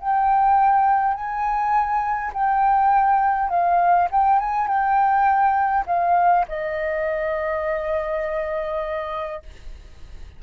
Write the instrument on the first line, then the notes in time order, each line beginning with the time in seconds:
flute
0.00 G5
1.15 G#5
2.34 G5
3.50 F5
4.12 G5
4.40 G#5
4.68 G5
5.87 F5
6.49 D#5